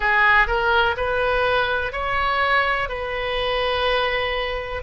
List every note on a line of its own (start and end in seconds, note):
0.00 0.47 G#4
0.47 0.95 A#4
0.96 1.92 B4
1.92 2.88 C#5
2.88 4.82 B4